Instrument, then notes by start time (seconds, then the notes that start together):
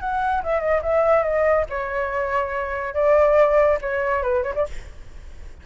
flute
0.00 F#5
0.43 E5
0.60 D#5
0.82 E5
1.23 D#5
1.70 C#5
2.94 D5
3.81 C#5
4.22 B4
4.43 C#5
4.55 D5